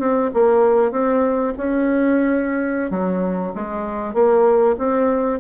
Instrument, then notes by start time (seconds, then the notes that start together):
bassoon
0.00 C4
0.34 A#3
0.92 C4
1.57 C#4
2.91 F#3
3.55 G#3
4.14 A#3
4.79 C4